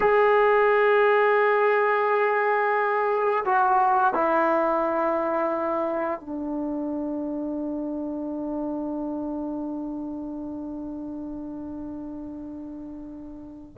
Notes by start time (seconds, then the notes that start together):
0.00 G#4
3.45 F#4
4.14 E4
6.20 D4